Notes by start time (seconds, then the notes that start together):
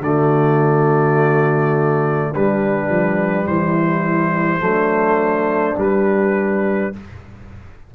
0.00 D3 A3 F#4 D5
2.32 G3 D4 B4
2.89 F3
3.47 E3 E4 C5
4.60 F#3 A3 D4
5.78 G3 B4